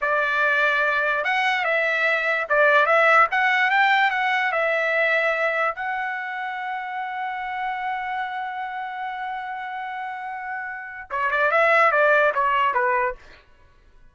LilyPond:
\new Staff \with { instrumentName = "trumpet" } { \time 4/4 \tempo 4 = 146 d''2. fis''4 | e''2 d''4 e''4 | fis''4 g''4 fis''4 e''4~ | e''2 fis''2~ |
fis''1~ | fis''1~ | fis''2. cis''8 d''8 | e''4 d''4 cis''4 b'4 | }